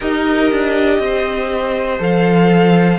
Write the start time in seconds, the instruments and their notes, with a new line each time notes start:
0.00 cello D#4, viola G4, violin A#4 D#5
0.51 cello D4
0.99 cello C4, violin C5
1.99 cello F3, viola A4, violin F5